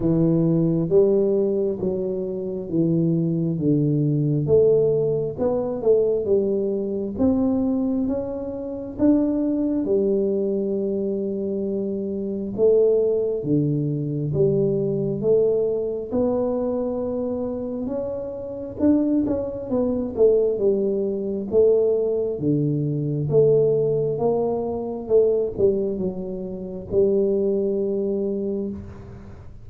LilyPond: \new Staff \with { instrumentName = "tuba" } { \time 4/4 \tempo 4 = 67 e4 g4 fis4 e4 | d4 a4 b8 a8 g4 | c'4 cis'4 d'4 g4~ | g2 a4 d4 |
g4 a4 b2 | cis'4 d'8 cis'8 b8 a8 g4 | a4 d4 a4 ais4 | a8 g8 fis4 g2 | }